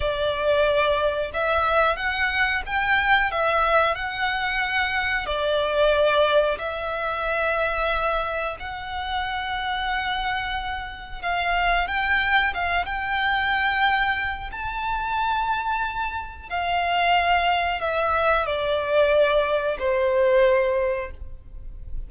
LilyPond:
\new Staff \with { instrumentName = "violin" } { \time 4/4 \tempo 4 = 91 d''2 e''4 fis''4 | g''4 e''4 fis''2 | d''2 e''2~ | e''4 fis''2.~ |
fis''4 f''4 g''4 f''8 g''8~ | g''2 a''2~ | a''4 f''2 e''4 | d''2 c''2 | }